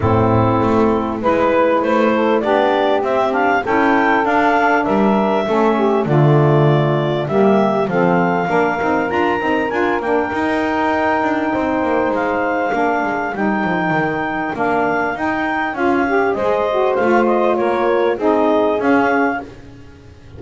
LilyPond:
<<
  \new Staff \with { instrumentName = "clarinet" } { \time 4/4 \tempo 4 = 99 a'2 b'4 c''4 | d''4 e''8 f''8 g''4 f''4 | e''2 d''2 | e''4 f''2 ais''4 |
gis''8 g''2.~ g''8 | f''2 g''2 | f''4 g''4 f''4 dis''4 | f''8 dis''8 cis''4 dis''4 f''4 | }
  \new Staff \with { instrumentName = "saxophone" } { \time 4/4 e'2 b'4. a'8 | g'2 a'2 | ais'4 a'8 g'8 f'2 | g'4 a'4 ais'2~ |
ais'2. c''4~ | c''4 ais'2.~ | ais'2. c''4~ | c''4 ais'4 gis'2 | }
  \new Staff \with { instrumentName = "saxophone" } { \time 4/4 c'2 e'2 | d'4 c'8 d'8 e'4 d'4~ | d'4 cis'4 a2 | ais4 c'4 d'8 dis'8 f'8 dis'8 |
f'8 d'8 dis'2.~ | dis'4 d'4 dis'2 | d'4 dis'4 f'8 g'8 gis'8 fis'8 | f'2 dis'4 cis'4 | }
  \new Staff \with { instrumentName = "double bass" } { \time 4/4 a,4 a4 gis4 a4 | b4 c'4 cis'4 d'4 | g4 a4 d2 | g4 f4 ais8 c'8 d'8 c'8 |
d'8 ais8 dis'4. d'8 c'8 ais8 | gis4 ais8 gis8 g8 f8 dis4 | ais4 dis'4 cis'4 gis4 | a4 ais4 c'4 cis'4 | }
>>